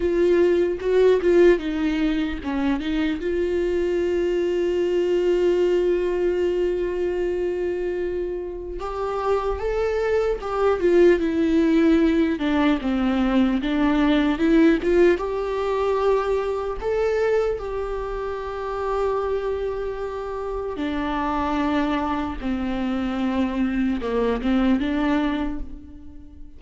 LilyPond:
\new Staff \with { instrumentName = "viola" } { \time 4/4 \tempo 4 = 75 f'4 fis'8 f'8 dis'4 cis'8 dis'8 | f'1~ | f'2. g'4 | a'4 g'8 f'8 e'4. d'8 |
c'4 d'4 e'8 f'8 g'4~ | g'4 a'4 g'2~ | g'2 d'2 | c'2 ais8 c'8 d'4 | }